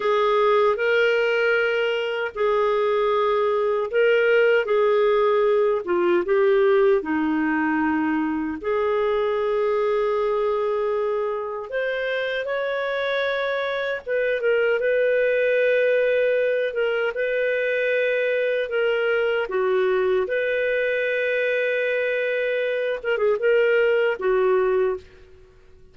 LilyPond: \new Staff \with { instrumentName = "clarinet" } { \time 4/4 \tempo 4 = 77 gis'4 ais'2 gis'4~ | gis'4 ais'4 gis'4. f'8 | g'4 dis'2 gis'4~ | gis'2. c''4 |
cis''2 b'8 ais'8 b'4~ | b'4. ais'8 b'2 | ais'4 fis'4 b'2~ | b'4. ais'16 gis'16 ais'4 fis'4 | }